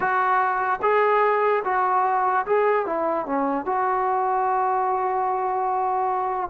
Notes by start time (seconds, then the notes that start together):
0.00 F#4
0.82 G#4
1.64 F#4
2.46 G#4
2.86 E4
3.26 C#4
3.65 F#4